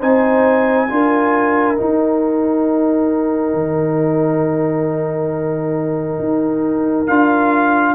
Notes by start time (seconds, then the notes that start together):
0.00 C4 D#4 C5 G#5
0.90 D4 F4 A#4
1.77 D#4 G5
3.54 D#3
6.19 D#4
7.07 D4 F4 F5